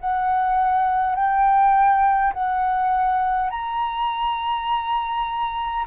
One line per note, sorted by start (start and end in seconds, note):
0.00 1.15 F#5
1.15 2.33 G5
2.33 3.50 F#5
3.50 5.85 A#5